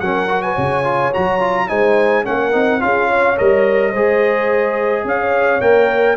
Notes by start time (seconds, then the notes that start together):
0.00 F#3 C#4 A#4 F#5
0.27 F#4
0.42 B4 G#5
0.53 C#3 C#5
0.84 F4
1.12 F#3 F#4 A#5
1.39 F4
1.68 G#3 D#4 C5 G#5
2.24 A#3 C#4 A#4 F#5
2.52 C4 D#4
2.80 C#4 F4 G#4 F5
3.07 C#5
3.36 G3 A#4 D#5
3.91 G#3 G#4 C5
5.04 C#4 C#5 F5
5.60 A#3 A#4 G5